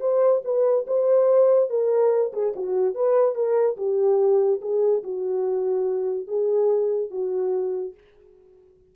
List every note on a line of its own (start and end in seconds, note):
0.00 0.42 C5
0.44 0.86 B4
0.87 1.70 C5
1.70 2.32 A#4
2.33 2.53 G#4
2.56 2.94 F#4
2.94 3.35 B4
3.35 3.77 A#4
3.77 4.60 G4
4.61 5.03 G#4
5.03 6.27 F#4
6.27 7.11 G#4
7.11 7.94 F#4